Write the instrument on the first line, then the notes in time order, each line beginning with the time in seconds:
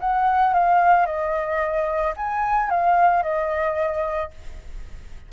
flute
0.00 F#5
0.53 F5
1.06 D#5
2.16 G#5
2.70 F5
3.23 D#5